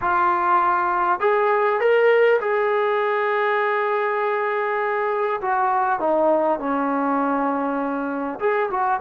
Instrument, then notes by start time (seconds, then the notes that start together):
trombone
0.01 F4
1.19 G#4
1.80 A#4
2.40 G#4
5.41 F#4
5.99 D#4
6.59 C#4
8.39 G#4
8.70 F#4